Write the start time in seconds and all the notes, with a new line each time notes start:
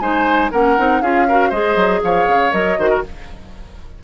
0.00 G#3 D#4 C5 G#5
0.52 A#3 C#4 A#4 F#5
0.78 C4 D#4
1.02 C#4 F4 G#4 F5
1.29 F#4 A#4
1.49 G#3 G#4 C5 D#5
1.76 F#3
2.04 F3 C#5 F5
2.27 C#3
2.51 F#3 A#4 D#5
2.78 D#3 F#4 C5
2.90 A#4